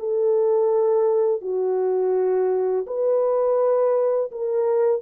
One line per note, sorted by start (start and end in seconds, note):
0.00 1.42 A4
1.42 2.86 F#4
2.87 4.31 B4
4.32 5.02 A#4